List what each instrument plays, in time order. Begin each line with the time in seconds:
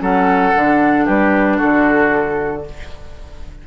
0.00 bassoon F#3, clarinet C#4, oboe A4, flute F#5
0.55 bassoon D3, clarinet D4
1.05 bassoon G3, oboe G4, flute B4
1.57 bassoon D3, oboe F#4, flute A4